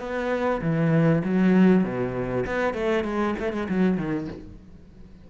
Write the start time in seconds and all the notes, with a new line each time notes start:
0.00 B3
0.62 E3
1.24 F#3
1.84 B2
2.47 B3
2.74 A3
3.04 G#3
3.39 A3
3.53 G#3
3.69 F#3
3.97 D#3